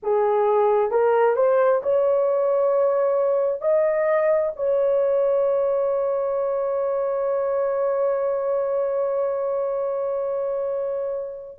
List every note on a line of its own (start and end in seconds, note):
0.02 0.90 G#4
0.90 1.36 A#4
1.36 1.81 C5
1.83 3.61 C#5
3.61 4.52 D#5
4.55 11.58 C#5